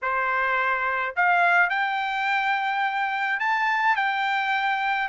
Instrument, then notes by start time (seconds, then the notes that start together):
trumpet
0.02 C5
1.16 F5
1.69 G5
3.39 A5
3.96 G5